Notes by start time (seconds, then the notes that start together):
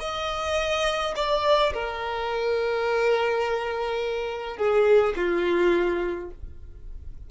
0.00 D#5
1.16 D5
1.74 A#4
4.57 G#4
5.16 F4